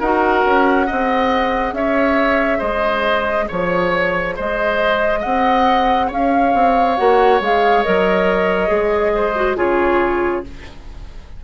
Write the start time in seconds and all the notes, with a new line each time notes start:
0.00 D#4 F#4 A#4 F#5
0.45 C#4
0.87 C4 G#4 D#5
1.73 C#4 C#5 E5
2.58 G#3 C5 D#5
3.48 F3 C#5
4.36 G#3 C5 D#5
5.20 C4 D#5 F#5
6.08 C#4 C#5 F5
6.54 C4
6.97 A#3 F#4 F#5
7.41 G#3 G#4 F5
7.84 F#3 A#4 D#5
8.68 G#3 G#4
9.14 C5
9.36 F#4
9.57 C#3 F4 G#4 C#5